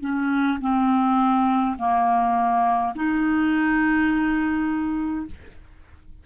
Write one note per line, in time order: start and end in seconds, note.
0.00 0.58 C#4
0.61 1.76 C4
1.78 2.93 A#3
2.95 5.26 D#4